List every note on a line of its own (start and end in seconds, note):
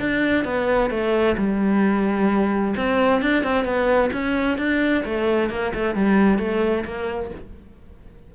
0.00 0.45 D4
0.45 0.90 B3
0.90 1.36 A3
1.37 2.75 G3
2.77 3.22 C4
3.22 3.44 D4
3.44 3.65 C4
3.65 4.10 B3
4.13 4.58 C#4
4.58 5.04 D4
5.05 5.50 A3
5.50 5.73 A#3
5.74 5.95 A3
5.95 6.39 G3
6.39 6.85 A3
6.85 7.31 A#3